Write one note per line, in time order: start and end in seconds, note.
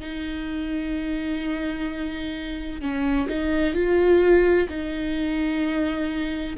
0.00 2.81 D#4
2.81 3.28 C#4
3.29 3.74 D#4
3.74 4.67 F4
4.69 6.57 D#4